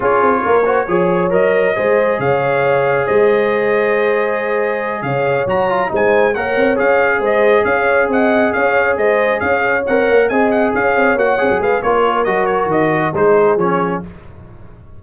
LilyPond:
<<
  \new Staff \with { instrumentName = "trumpet" } { \time 4/4 \tempo 4 = 137 cis''2. dis''4~ | dis''4 f''2 dis''4~ | dis''2.~ dis''8 f''8~ | f''8 ais''4 gis''4 fis''4 f''8~ |
f''8 dis''4 f''4 fis''4 f''8~ | f''8 dis''4 f''4 fis''4 gis''8 | fis''8 f''4 fis''4 f''8 cis''4 | dis''8 cis''8 dis''4 c''4 cis''4 | }
  \new Staff \with { instrumentName = "horn" } { \time 4/4 gis'4 ais'8 c''8 cis''2 | c''4 cis''2 c''4~ | c''2.~ c''8 cis''8~ | cis''4. c''4 cis''4.~ |
cis''8 c''4 cis''4 dis''4 cis''8~ | cis''8 c''4 cis''2 dis''8~ | dis''8 cis''2 b'8 ais'4~ | ais'2 gis'2 | }
  \new Staff \with { instrumentName = "trombone" } { \time 4/4 f'4. fis'8 gis'4 ais'4 | gis'1~ | gis'1~ | gis'8 fis'8 f'8 dis'4 ais'4 gis'8~ |
gis'1~ | gis'2~ gis'8 ais'4 gis'8~ | gis'4. fis'8 gis'4 f'4 | fis'2 dis'4 cis'4 | }
  \new Staff \with { instrumentName = "tuba" } { \time 4/4 cis'8 c'8 ais4 f4 fis4 | gis4 cis2 gis4~ | gis2.~ gis8 cis8~ | cis8 fis4 gis4 ais8 c'8 cis'8~ |
cis'8 gis4 cis'4 c'4 cis'8~ | cis'8 gis4 cis'4 c'8 ais8 c'8~ | c'8 cis'8 c'8 ais8 c'16 fis16 gis8 ais4 | fis4 dis4 gis4 f4 | }
>>